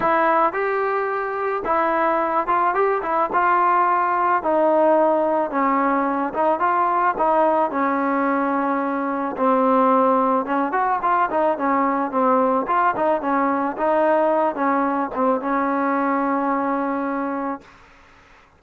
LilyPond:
\new Staff \with { instrumentName = "trombone" } { \time 4/4 \tempo 4 = 109 e'4 g'2 e'4~ | e'8 f'8 g'8 e'8 f'2 | dis'2 cis'4. dis'8 | f'4 dis'4 cis'2~ |
cis'4 c'2 cis'8 fis'8 | f'8 dis'8 cis'4 c'4 f'8 dis'8 | cis'4 dis'4. cis'4 c'8 | cis'1 | }